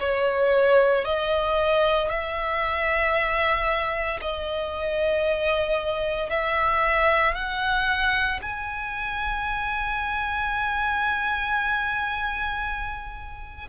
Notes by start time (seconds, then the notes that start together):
0.00 C#5
1.04 D#5
2.10 E5
4.21 D#5
6.30 E5
7.34 F#5
8.42 G#5